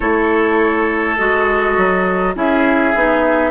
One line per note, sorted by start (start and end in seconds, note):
0.00 1.18 A3
0.00 1.17 E4
0.00 2.33 A4
0.00 1.17 C#5
1.17 1.77 G#3
1.17 2.35 F#4
1.17 2.35 D#5
1.77 2.35 F#3
2.35 2.94 C#4
2.35 2.94 E4
2.35 3.50 G#4
2.35 3.50 E5
2.94 3.50 B3
2.94 3.50 D#4